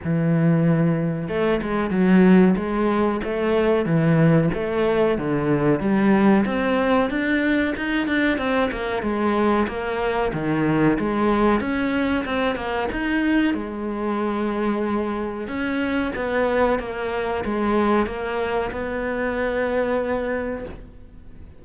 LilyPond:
\new Staff \with { instrumentName = "cello" } { \time 4/4 \tempo 4 = 93 e2 a8 gis8 fis4 | gis4 a4 e4 a4 | d4 g4 c'4 d'4 | dis'8 d'8 c'8 ais8 gis4 ais4 |
dis4 gis4 cis'4 c'8 ais8 | dis'4 gis2. | cis'4 b4 ais4 gis4 | ais4 b2. | }